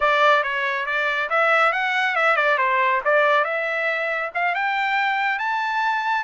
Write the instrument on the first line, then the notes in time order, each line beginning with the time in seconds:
trumpet
0.00 D5
0.43 C#5
0.86 D5
1.29 E5
1.72 F#5
2.15 E5
2.36 D5
2.58 C5
3.05 D5
3.44 E5
4.34 F5
4.54 G5
5.39 A5